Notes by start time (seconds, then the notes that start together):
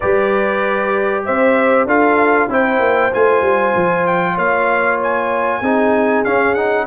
0.00 G3 G4 B4 D5
1.24 C4 C5 E5
1.85 D4 F4 A4 F5
2.48 C4 E4 C5 G5
2.79 A#3
3.12 A3 F4 G#5
3.41 G3
3.75 F3
4.06 G5
4.34 A#3 C#5 F5
5.02 G#5
5.60 C4 D#4 G#4
6.24 C#4 F5
6.54 D#4 F#5